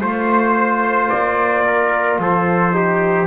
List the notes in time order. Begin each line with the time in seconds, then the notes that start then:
0.00 A3 F4 C5
1.09 A#3 D5
1.65 A#4
2.18 F3 A4 C5
2.72 D#4 G4